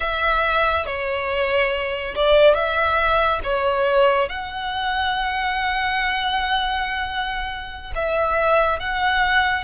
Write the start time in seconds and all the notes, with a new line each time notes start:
0.00 E5
0.86 C#5
2.15 D5
2.54 E5
3.43 C#5
4.29 F#5
7.95 E5
8.79 F#5